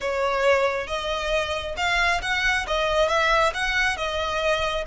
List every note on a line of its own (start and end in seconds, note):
0.01 0.87 C#5
0.87 1.75 D#5
1.76 2.20 F5
2.21 2.66 F#5
2.67 3.08 D#5
3.08 3.52 E5
3.54 3.96 F#5
3.96 4.84 D#5